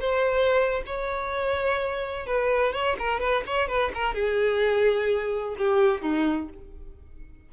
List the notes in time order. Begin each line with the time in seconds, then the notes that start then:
0.00 C5
0.86 C#5
2.26 B4
2.73 C#5
2.99 A#4
3.20 B4
3.47 C#5
3.68 B4
3.94 A#4
4.15 G#4
5.58 G4
6.02 D#4